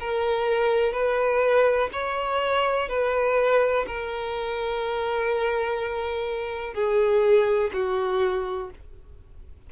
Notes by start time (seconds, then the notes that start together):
0.00 A#4
0.93 B4
1.93 C#5
2.89 B4
3.87 A#4
6.74 G#4
7.73 F#4